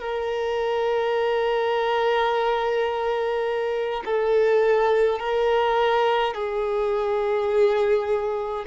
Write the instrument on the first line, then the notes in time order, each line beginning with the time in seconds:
violin
0.00 A#4
4.05 A4
5.20 A#4
6.35 G#4